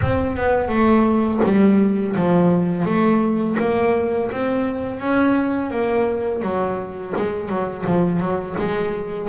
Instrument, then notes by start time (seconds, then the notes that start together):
double bass
0.01 C4
0.36 B3
0.68 A3
1.44 G3
2.16 F3
2.85 A3
3.59 A#3
4.31 C4
4.99 C#4
5.70 A#3
6.42 F#3
7.16 G#3
7.48 F#3
7.86 F3
8.19 F#3
8.58 G#3